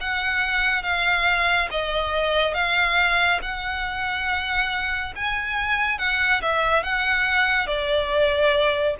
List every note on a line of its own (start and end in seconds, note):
0.00 0.83 F#5
0.83 1.68 F5
1.71 2.54 D#5
2.54 3.40 F5
3.42 5.13 F#5
5.15 5.98 G#5
5.98 6.41 F#5
6.41 6.83 E5
6.83 7.66 F#5
7.66 8.95 D5